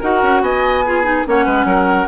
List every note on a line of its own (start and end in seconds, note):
0.00 0.23 D#4
0.00 0.85 F#4
0.00 0.42 A#4
0.00 0.43 F#5
0.23 0.42 C#4
0.42 1.25 B3
0.42 0.85 D#5
0.42 1.26 G#5
0.86 1.04 F4
0.86 1.27 G#4
1.04 1.25 D#4
1.26 1.47 A#3
1.26 2.09 C#4
1.26 1.45 C#5
1.26 2.09 F#5
1.45 1.65 G#3
1.45 1.66 B4
1.65 2.06 F#3
1.65 2.09 A#4